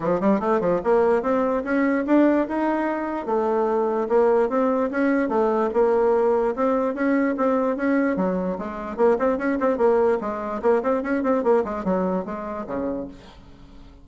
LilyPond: \new Staff \with { instrumentName = "bassoon" } { \time 4/4 \tempo 4 = 147 f8 g8 a8 f8 ais4 c'4 | cis'4 d'4 dis'2 | a2 ais4 c'4 | cis'4 a4 ais2 |
c'4 cis'4 c'4 cis'4 | fis4 gis4 ais8 c'8 cis'8 c'8 | ais4 gis4 ais8 c'8 cis'8 c'8 | ais8 gis8 fis4 gis4 cis4 | }